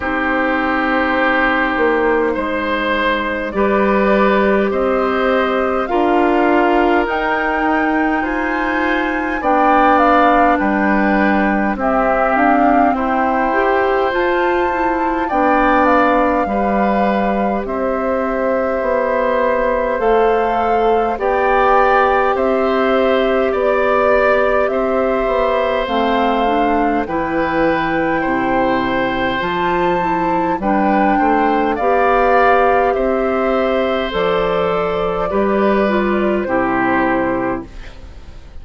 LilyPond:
<<
  \new Staff \with { instrumentName = "flute" } { \time 4/4 \tempo 4 = 51 c''2. d''4 | dis''4 f''4 g''4 gis''4 | g''8 f''8 g''4 e''8 f''8 g''4 | a''4 g''8 f''4. e''4~ |
e''4 f''4 g''4 e''4 | d''4 e''4 f''4 g''4~ | g''4 a''4 g''4 f''4 | e''4 d''2 c''4 | }
  \new Staff \with { instrumentName = "oboe" } { \time 4/4 g'2 c''4 b'4 | c''4 ais'2 c''4 | d''4 b'4 g'4 c''4~ | c''4 d''4 b'4 c''4~ |
c''2 d''4 c''4 | d''4 c''2 b'4 | c''2 b'8 c''8 d''4 | c''2 b'4 g'4 | }
  \new Staff \with { instrumentName = "clarinet" } { \time 4/4 dis'2. g'4~ | g'4 f'4 dis'2 | d'2 c'4. g'8 | f'8 e'8 d'4 g'2~ |
g'4 a'4 g'2~ | g'2 c'8 d'8 e'4~ | e'4 f'8 e'8 d'4 g'4~ | g'4 a'4 g'8 f'8 e'4 | }
  \new Staff \with { instrumentName = "bassoon" } { \time 4/4 c'4. ais8 gis4 g4 | c'4 d'4 dis'4 f'4 | b4 g4 c'8 d'8 e'4 | f'4 b4 g4 c'4 |
b4 a4 b4 c'4 | b4 c'8 b8 a4 e4 | c4 f4 g8 a8 b4 | c'4 f4 g4 c4 | }
>>